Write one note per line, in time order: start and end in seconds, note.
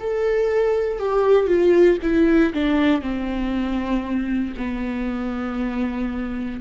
0.00 0.99 A4
0.99 1.47 G4
1.47 1.98 F4
2.02 2.53 E4
2.54 3.02 D4
3.02 4.54 C4
4.57 6.61 B3